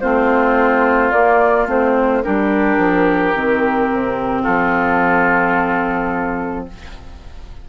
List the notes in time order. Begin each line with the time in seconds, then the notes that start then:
0.00 A3 C4 F4 C5
1.11 A#3 D5
1.67 A3 C4 C5
2.23 G3 D4 G4 A#4
2.77 F3
3.35 D#3 C4
3.91 C3
4.42 F3 F4 A4